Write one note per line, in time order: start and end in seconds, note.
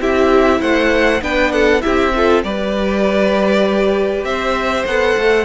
0.00 0.61 C4
0.00 1.22 E4
0.00 0.61 G4
0.00 0.61 E5
0.61 1.21 A3
0.61 1.22 C5
0.61 1.22 F#5
1.21 1.82 B3
1.21 1.81 D4
1.21 1.53 B4
1.21 1.52 G5
1.52 1.83 A4
1.52 1.82 F#5
1.81 2.44 C4
1.81 2.11 E4
1.81 2.14 G4
1.81 2.42 E5
2.15 2.44 F4
2.15 2.45 A4
2.44 4.24 G3
2.44 4.87 G4
2.44 4.26 B4
2.44 4.25 D5
4.24 4.85 C4
4.24 5.45 C5
4.24 4.85 E5
4.86 5.16 B3
4.86 5.45 A4
4.86 5.45 F#5
5.17 5.45 A3